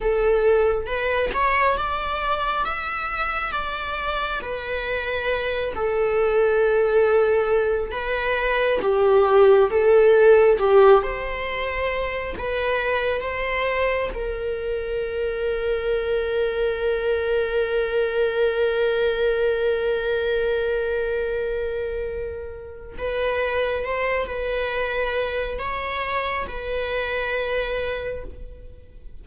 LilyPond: \new Staff \with { instrumentName = "viola" } { \time 4/4 \tempo 4 = 68 a'4 b'8 cis''8 d''4 e''4 | d''4 b'4. a'4.~ | a'4 b'4 g'4 a'4 | g'8 c''4. b'4 c''4 |
ais'1~ | ais'1~ | ais'2 b'4 c''8 b'8~ | b'4 cis''4 b'2 | }